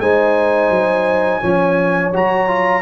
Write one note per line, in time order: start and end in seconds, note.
0.00 0.70 G#3
0.00 1.43 D#4
0.00 1.41 C5
0.00 2.13 G#5
0.70 1.41 F#3
1.41 2.14 F3
1.41 2.13 C#4
1.41 2.83 C#5
2.14 2.83 F#3
2.14 2.48 F#4
2.14 2.83 A#5
2.48 2.83 F4